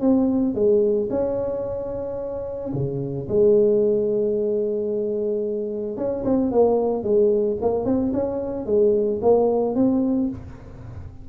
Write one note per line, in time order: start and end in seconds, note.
0.00 0.54 C4
0.54 1.08 G#3
1.10 2.72 C#4
2.73 3.27 C#3
3.28 5.97 G#3
5.97 6.24 C#4
6.24 6.51 C4
6.51 7.03 A#3
7.03 7.57 G#3
7.61 7.85 A#3
7.85 8.12 C4
8.13 8.66 C#4
8.66 9.20 G#3
9.22 9.75 A#3
9.75 10.29 C4